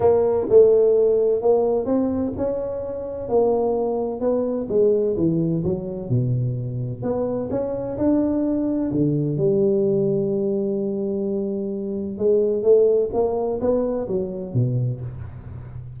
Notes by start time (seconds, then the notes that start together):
0.00 A#3
0.49 A3
1.41 A#3
1.85 C4
2.37 C#4
3.28 A#3
4.20 B3
4.69 G#3
5.16 E3
5.64 F#3
6.09 B2
7.02 B3
7.50 C#4
7.97 D4
8.91 D3
9.37 G3
12.17 G#3
12.62 A3
13.13 A#3
13.60 B3
14.08 F#3
14.53 B2